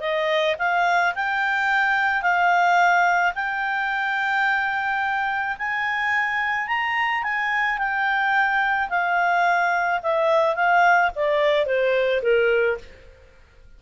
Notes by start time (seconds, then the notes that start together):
0.00 D#5
0.58 F5
1.15 G5
2.22 F5
3.34 G5
5.58 G#5
6.67 A#5
7.22 G#5
7.78 G5
8.89 F5
10.02 E5
10.55 F5
11.15 D5
11.65 C5
12.22 A#4